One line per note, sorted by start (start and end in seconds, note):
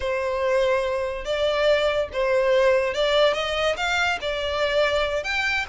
0.00 1.25 C5
1.25 2.08 D5
2.12 2.94 C5
2.94 3.33 D5
3.33 3.75 D#5
3.76 4.18 F5
4.21 5.23 D5
5.23 5.65 G5